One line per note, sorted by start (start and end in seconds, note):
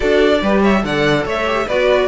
0.00 0.42 D4
0.00 0.40 F#4
0.00 0.41 A4
0.00 0.61 D5
0.42 0.83 G3
0.42 0.82 G4
0.42 0.62 B4
0.62 0.82 C#5
0.62 0.84 E5
0.82 1.25 D3
0.82 1.44 A4
0.82 1.25 D5
0.82 1.26 F#5
1.25 1.67 A3
1.25 1.66 C#5
1.25 1.68 E5
1.45 1.66 G4
1.66 2.08 B3
1.66 2.08 F#4
1.66 2.08 B4
1.66 2.08 D5